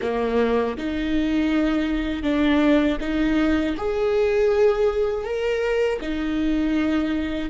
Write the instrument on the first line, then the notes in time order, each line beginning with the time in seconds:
viola
0.02 A#3
0.77 D#4
2.23 D4
3.00 D#4
3.77 G#4
5.24 A#4
6.01 D#4